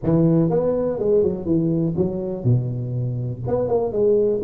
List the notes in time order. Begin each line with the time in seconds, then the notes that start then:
0.03 E3
0.50 B3
0.99 G#3
1.23 F#3
1.45 E3
1.96 F#3
2.44 B2
3.47 B3
3.68 A#3
3.92 G#3